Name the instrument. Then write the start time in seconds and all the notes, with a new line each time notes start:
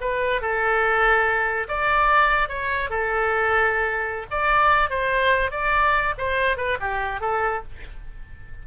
oboe
0.00 B4
0.41 A4
1.68 D5
2.48 C#5
2.89 A4
4.30 D5
4.89 C5
5.51 D5
6.17 C5
6.57 B4
6.80 G4
7.20 A4